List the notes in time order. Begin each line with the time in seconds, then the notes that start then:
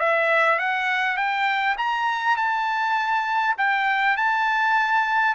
0.00 E5
0.59 F#5
1.17 G5
1.78 A#5
2.37 A5
3.58 G5
4.17 A5